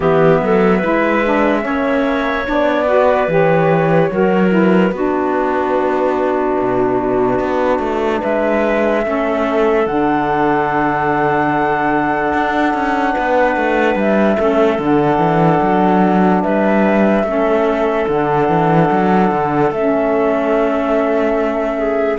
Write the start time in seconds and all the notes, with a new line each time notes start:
0.00 E3 B3 G4 E5
0.42 F#3 A4
0.77 E4 B4
0.84 G#3
1.24 D4
1.61 A#3 C#4 C#5
2.45 B3 D4 D5
2.85 F#4 B4
3.27 E3 G4 C#5
4.10 F#3 F#4 A#4
4.49 E4 B4
4.91 B3 D4 F#4
6.59 B2
7.39 B3
7.79 A3
8.20 G#3 B4 E5
9.02 A3 C#4 A4
9.86 D3 D4 F#5
12.33 D4
12.73 C#4
13.12 B3 B4
13.56 A3
13.95 G3 E5
14.36 A3 C#4 A4
14.78 D3 D4 F#5
15.17 E3
15.61 F#3
16.42 G3 B4 E5
17.23 A3 C#4 A4
18.08 D3 D4 F#5
18.48 E3
18.91 F#3
19.31 D3
19.71 A3 C#4 E5
21.78 G#4